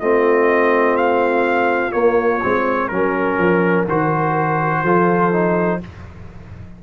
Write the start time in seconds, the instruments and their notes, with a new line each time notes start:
0.00 tuba A3, trombone C4, horn F4, trumpet D#5
0.97 trumpet F5
1.92 trombone A#3, tuba A#3, trumpet C#5
2.43 tuba G#3, trombone C4
2.88 tuba F#3, trombone C#4, trumpet A#4, horn A#4
3.38 tuba F3
3.88 tuba D#3, trombone F#4, trumpet C5
4.83 tuba F3, trombone F4, horn A4
5.33 trombone D#4